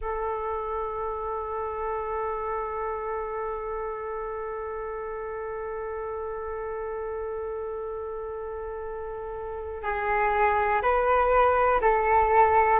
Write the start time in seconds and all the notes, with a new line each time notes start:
0.00 A4
9.83 G#4
10.82 B4
11.81 A4